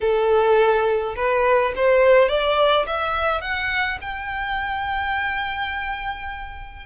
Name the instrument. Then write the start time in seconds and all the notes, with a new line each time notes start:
violin
0.01 A4
1.16 B4
1.76 C5
2.28 D5
2.86 E5
3.41 F#5
4.01 G5